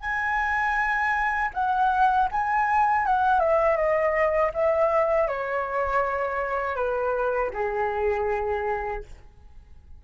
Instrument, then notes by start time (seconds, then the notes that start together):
flute
0.00 G#5
1.53 F#5
2.31 G#5
3.05 F#5
3.40 E5
3.76 D#5
4.53 E5
5.27 C#5
6.75 B4
7.53 G#4